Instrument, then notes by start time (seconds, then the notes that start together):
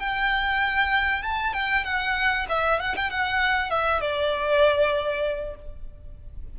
violin
0.00 G5
1.23 A5
1.54 G5
1.85 F#5
2.49 E5
2.81 F#5
2.97 G5
3.11 F#5
3.71 E5
4.01 D5